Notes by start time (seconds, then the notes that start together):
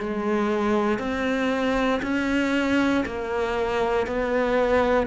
0.00 G#3
0.99 C4
2.03 C#4
3.06 A#3
4.07 B3